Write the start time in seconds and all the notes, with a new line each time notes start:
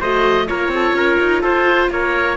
0.00 A3 F#4 C5 D#5
0.48 A#3 F4 A#4 C#5
0.69 C4
0.76 A4
0.94 C#4 A#4
1.20 D#4
1.42 F4 A4 C5
1.91 A#3 A#4 C#5